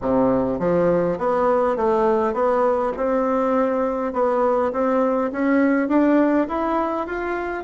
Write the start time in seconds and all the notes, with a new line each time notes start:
0.01 C3
0.59 F3
1.18 B3
1.76 A3
2.33 B3
2.96 C4
4.13 B3
4.72 C4
5.32 C#4
5.88 D4
6.48 E4
7.06 F4